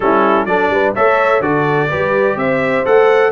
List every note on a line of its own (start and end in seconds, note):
0.00 0.45 G3
0.00 0.47 C#4
0.00 0.47 E4
0.00 0.45 A4
0.45 0.69 F#3
0.45 0.95 D4
0.45 0.71 A4
0.45 0.93 D5
0.69 0.93 G3
0.69 0.95 B4
0.95 1.40 A3
0.95 1.41 A4
0.95 1.42 C#5
0.95 1.42 E5
1.40 1.88 D3
1.40 1.89 F#4
1.40 1.88 A4
1.40 2.37 D5
1.88 2.36 G3
1.88 2.85 G4
1.88 2.36 B4
2.36 2.83 C4
2.36 3.32 C5
2.36 2.85 E5
2.85 3.32 A3
2.85 3.32 A4
2.85 3.32 F#5